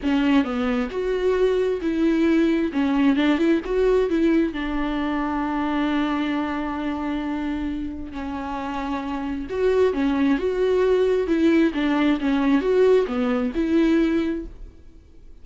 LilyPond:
\new Staff \with { instrumentName = "viola" } { \time 4/4 \tempo 4 = 133 cis'4 b4 fis'2 | e'2 cis'4 d'8 e'8 | fis'4 e'4 d'2~ | d'1~ |
d'2 cis'2~ | cis'4 fis'4 cis'4 fis'4~ | fis'4 e'4 d'4 cis'4 | fis'4 b4 e'2 | }